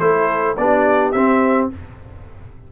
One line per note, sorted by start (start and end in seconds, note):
0.00 0.56 A3
0.00 0.56 E4
0.00 0.59 A4
0.00 0.56 C5
0.57 1.13 B3
0.57 1.15 D4
0.57 1.72 G4
0.57 1.12 D5
1.12 1.70 C4
1.12 1.71 C4
1.12 1.68 E5